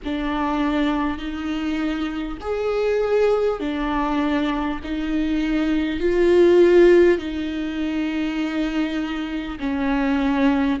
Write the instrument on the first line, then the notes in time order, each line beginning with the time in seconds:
viola
0.04 D4
1.17 D#4
2.41 G#4
3.59 D4
4.83 D#4
5.99 F4
7.18 D#4
9.59 C#4